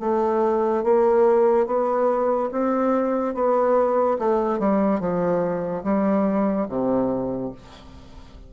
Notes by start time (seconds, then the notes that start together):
0.00 A3
0.83 A#3
1.66 B3
2.51 C4
3.34 B3
4.19 A3
4.59 G3
5.00 F3
5.83 G3
6.69 C3